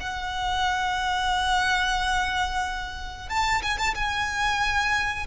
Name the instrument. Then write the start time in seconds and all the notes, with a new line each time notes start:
violin
0.00 F#5
3.29 A5
3.62 G#5
3.78 A5
3.95 G#5